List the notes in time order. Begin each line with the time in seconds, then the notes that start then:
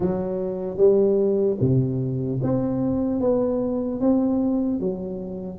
0.00 F#3
0.77 G3
1.60 C3
2.42 C4
3.20 B3
4.00 C4
4.80 F#3